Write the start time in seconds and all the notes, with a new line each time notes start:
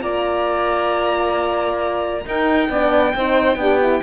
0.00 A#3 F4 D5 A#5
2.25 D#4 A#4 G5
2.69 B3 D4 D5
3.15 C4 D#4 C5
3.56 B3 D4 G4
3.82 E4